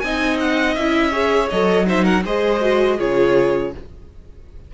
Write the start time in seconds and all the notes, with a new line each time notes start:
0.00 C4 D#4 D#5 G#5
0.40 F#5
0.75 C#4 E4 E5
1.12 G#4 C#5
1.49 F#3 A4 D#5
1.86 D#4 C5 E5
2.04 A#4 F#5
2.25 G#3 G#4 C5 D#5
2.62 F#4
2.97 C#3 F4 G#4 C#5